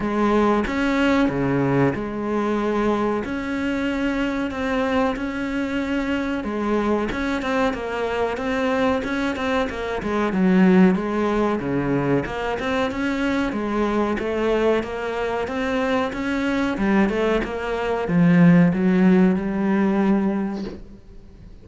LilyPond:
\new Staff \with { instrumentName = "cello" } { \time 4/4 \tempo 4 = 93 gis4 cis'4 cis4 gis4~ | gis4 cis'2 c'4 | cis'2 gis4 cis'8 c'8 | ais4 c'4 cis'8 c'8 ais8 gis8 |
fis4 gis4 cis4 ais8 c'8 | cis'4 gis4 a4 ais4 | c'4 cis'4 g8 a8 ais4 | f4 fis4 g2 | }